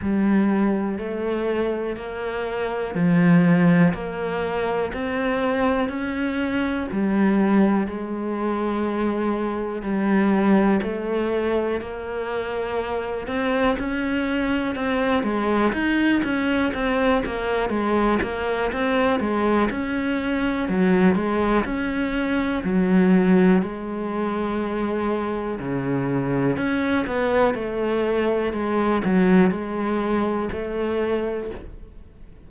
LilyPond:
\new Staff \with { instrumentName = "cello" } { \time 4/4 \tempo 4 = 61 g4 a4 ais4 f4 | ais4 c'4 cis'4 g4 | gis2 g4 a4 | ais4. c'8 cis'4 c'8 gis8 |
dis'8 cis'8 c'8 ais8 gis8 ais8 c'8 gis8 | cis'4 fis8 gis8 cis'4 fis4 | gis2 cis4 cis'8 b8 | a4 gis8 fis8 gis4 a4 | }